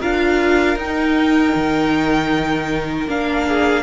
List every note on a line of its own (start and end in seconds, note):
0.00 0.76 D4
0.00 0.78 F4
0.00 3.46 A#4
0.00 0.78 F5
0.76 1.53 D#4
0.76 3.08 D#4
0.76 3.09 G5
1.55 3.07 D#3
3.07 3.83 A#3
3.07 3.83 D4
3.07 3.83 F5
3.48 3.83 G#4